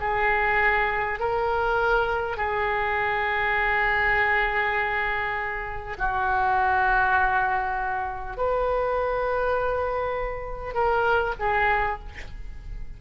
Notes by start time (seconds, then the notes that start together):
0.00 G#4
1.19 A#4
2.37 G#4
5.98 F#4
8.37 B4
10.74 A#4
11.39 G#4